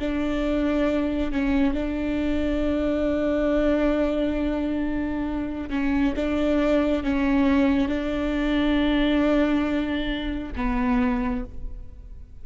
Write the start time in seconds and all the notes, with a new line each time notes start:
0.00 D4
1.32 C#4
1.74 D4
5.70 C#4
6.16 D4
7.04 C#4
7.89 D4
10.56 B3